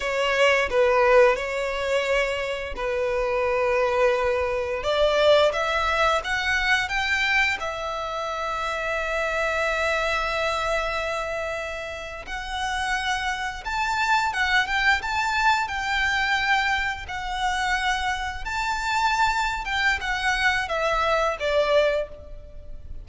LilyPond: \new Staff \with { instrumentName = "violin" } { \time 4/4 \tempo 4 = 87 cis''4 b'4 cis''2 | b'2. d''4 | e''4 fis''4 g''4 e''4~ | e''1~ |
e''4.~ e''16 fis''2 a''16~ | a''8. fis''8 g''8 a''4 g''4~ g''16~ | g''8. fis''2 a''4~ a''16~ | a''8 g''8 fis''4 e''4 d''4 | }